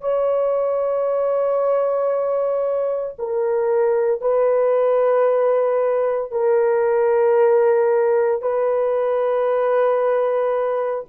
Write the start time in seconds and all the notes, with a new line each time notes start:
0.00 C#5
3.18 A#4
4.21 B4
6.31 A#4
8.42 B4